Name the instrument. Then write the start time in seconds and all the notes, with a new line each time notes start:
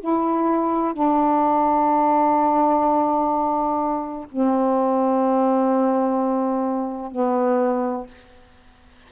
saxophone
0.00 E4
0.93 D4
4.31 C4
7.11 B3